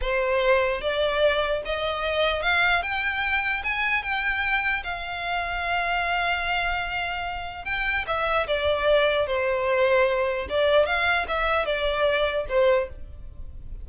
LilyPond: \new Staff \with { instrumentName = "violin" } { \time 4/4 \tempo 4 = 149 c''2 d''2 | dis''2 f''4 g''4~ | g''4 gis''4 g''2 | f''1~ |
f''2. g''4 | e''4 d''2 c''4~ | c''2 d''4 f''4 | e''4 d''2 c''4 | }